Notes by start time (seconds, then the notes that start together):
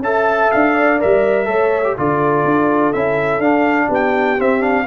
0.00 C#4 A4 E5 A5
0.51 D4 F5
0.74 D5
1.00 G3 A#4 E5
1.45 A3 A4 C#5
1.84 G4
1.97 D3 F4 A4 D5
2.45 D4
2.93 C#4 E4 E5
3.39 D4 F5
3.88 B3 G4
3.94 G5
4.38 C4 E5
4.60 D4 F5